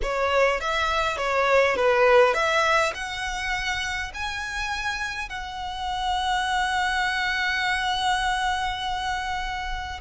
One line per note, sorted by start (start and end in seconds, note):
0.02 0.60 C#5
0.60 1.17 E5
1.17 1.75 C#5
1.76 2.33 B4
2.33 2.92 E5
2.94 4.12 F#5
4.14 5.29 G#5
5.29 9.99 F#5